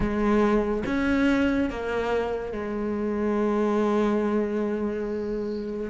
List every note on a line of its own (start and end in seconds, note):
0.00 0.83 G#3
0.86 1.69 C#4
1.69 2.52 A#3
2.52 5.90 G#3